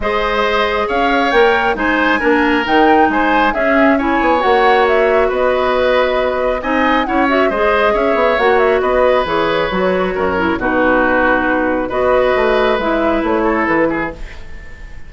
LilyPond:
<<
  \new Staff \with { instrumentName = "flute" } { \time 4/4 \tempo 4 = 136 dis''2 f''4 g''4 | gis''2 g''4 gis''4 | e''4 gis''4 fis''4 e''4 | dis''2. gis''4 |
fis''8 e''8 dis''4 e''4 fis''8 e''8 | dis''4 cis''2. | b'2. dis''4~ | dis''4 e''4 cis''4 b'4 | }
  \new Staff \with { instrumentName = "oboe" } { \time 4/4 c''2 cis''2 | c''4 ais'2 c''4 | gis'4 cis''2. | b'2. dis''4 |
cis''4 c''4 cis''2 | b'2. ais'4 | fis'2. b'4~ | b'2~ b'8 a'4 gis'8 | }
  \new Staff \with { instrumentName = "clarinet" } { \time 4/4 gis'2. ais'4 | dis'4 d'4 dis'2 | cis'4 e'4 fis'2~ | fis'2. dis'4 |
e'8 fis'8 gis'2 fis'4~ | fis'4 gis'4 fis'4. e'8 | dis'2. fis'4~ | fis'4 e'2. | }
  \new Staff \with { instrumentName = "bassoon" } { \time 4/4 gis2 cis'4 ais4 | gis4 ais4 dis4 gis4 | cis'4. b8 ais2 | b2. c'4 |
cis'4 gis4 cis'8 b8 ais4 | b4 e4 fis4 fis,4 | b,2. b4 | a4 gis4 a4 e4 | }
>>